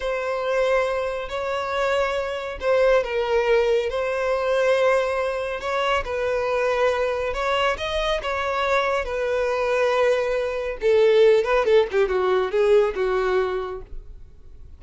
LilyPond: \new Staff \with { instrumentName = "violin" } { \time 4/4 \tempo 4 = 139 c''2. cis''4~ | cis''2 c''4 ais'4~ | ais'4 c''2.~ | c''4 cis''4 b'2~ |
b'4 cis''4 dis''4 cis''4~ | cis''4 b'2.~ | b'4 a'4. b'8 a'8 g'8 | fis'4 gis'4 fis'2 | }